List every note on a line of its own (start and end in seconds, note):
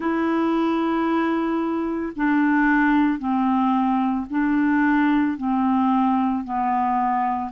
0.00 2.12 E4
2.15 3.19 D4
3.19 4.26 C4
4.30 5.37 D4
5.37 6.43 C4
6.43 7.50 B3